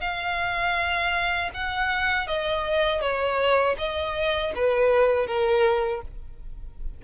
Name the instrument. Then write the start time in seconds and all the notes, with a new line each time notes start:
violin
0.00 F5
1.54 F#5
2.27 D#5
3.01 C#5
3.77 D#5
4.55 B4
5.26 A#4